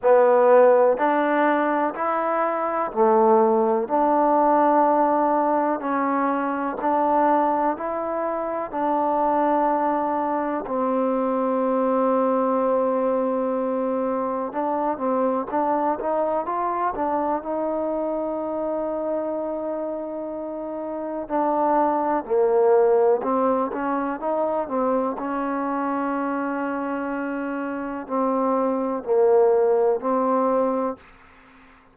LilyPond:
\new Staff \with { instrumentName = "trombone" } { \time 4/4 \tempo 4 = 62 b4 d'4 e'4 a4 | d'2 cis'4 d'4 | e'4 d'2 c'4~ | c'2. d'8 c'8 |
d'8 dis'8 f'8 d'8 dis'2~ | dis'2 d'4 ais4 | c'8 cis'8 dis'8 c'8 cis'2~ | cis'4 c'4 ais4 c'4 | }